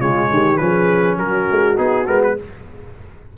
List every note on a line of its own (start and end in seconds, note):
0.00 0.31 C#3
0.00 0.59 G#3
0.00 0.29 F4
0.00 0.58 C#5
0.31 0.61 D#3
0.31 0.62 G4
0.58 1.18 F3
0.58 1.76 C#4
0.58 1.18 G#4
0.58 1.17 B4
1.18 1.47 F#3
1.18 2.36 F#4
1.18 1.78 A#4
1.52 1.79 G#3
1.76 2.08 B3
1.76 2.06 D#4
1.76 2.07 G#4
2.07 2.37 G#3
2.07 2.37 B3
2.07 2.22 A#4
2.23 2.38 B4